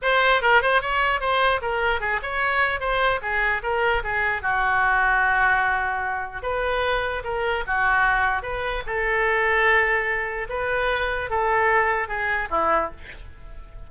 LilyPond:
\new Staff \with { instrumentName = "oboe" } { \time 4/4 \tempo 4 = 149 c''4 ais'8 c''8 cis''4 c''4 | ais'4 gis'8 cis''4. c''4 | gis'4 ais'4 gis'4 fis'4~ | fis'1 |
b'2 ais'4 fis'4~ | fis'4 b'4 a'2~ | a'2 b'2 | a'2 gis'4 e'4 | }